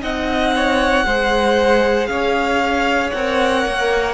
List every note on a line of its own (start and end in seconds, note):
0.00 1.05 C4
0.00 1.03 D#4
0.00 0.54 D#5
0.00 2.07 F#5
0.56 1.06 C#5
1.05 2.08 G#3
1.05 3.14 G#4
1.05 2.09 C5
2.07 3.12 C#4
2.07 4.14 C#5
2.07 3.10 F5
3.11 3.65 C4
3.11 4.14 A#4
3.11 4.14 F#5
3.66 4.14 A#3